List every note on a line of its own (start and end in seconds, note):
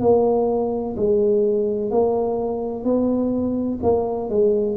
0.00 0.95 A#3
0.96 1.90 G#3
1.90 2.84 A#3
2.84 3.79 B3
3.83 4.29 A#3
4.29 4.77 G#3